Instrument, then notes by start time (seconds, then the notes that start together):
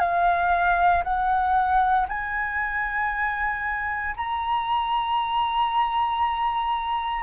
flute
0.00 F5
1.04 F#5
2.09 G#5
4.17 A#5